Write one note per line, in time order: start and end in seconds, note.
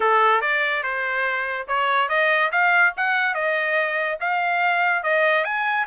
0.00 0.41 A4
0.41 0.83 D5
0.83 1.66 C5
1.67 2.08 C#5
2.08 2.50 D#5
2.51 2.93 F5
2.96 3.34 F#5
3.34 4.18 D#5
4.20 5.03 F5
5.03 5.44 D#5
5.44 5.86 G#5